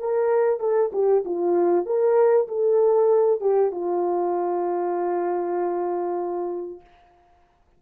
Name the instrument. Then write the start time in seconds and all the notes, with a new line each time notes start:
horn
0.00 A#4
0.60 A4
0.93 G4
1.25 F4
1.86 A#4
2.48 A4
3.41 G4
3.72 F4